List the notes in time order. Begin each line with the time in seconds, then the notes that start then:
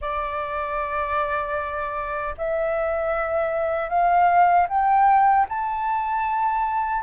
0.01 D5
2.37 E5
3.89 F5
4.69 G5
5.48 A5